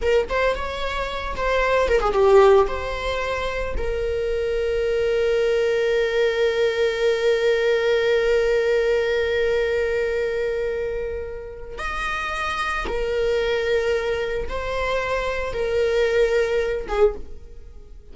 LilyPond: \new Staff \with { instrumentName = "viola" } { \time 4/4 \tempo 4 = 112 ais'8 c''8 cis''4. c''4 ais'16 gis'16 | g'4 c''2 ais'4~ | ais'1~ | ais'1~ |
ais'1~ | ais'2 dis''2 | ais'2. c''4~ | c''4 ais'2~ ais'8 gis'8 | }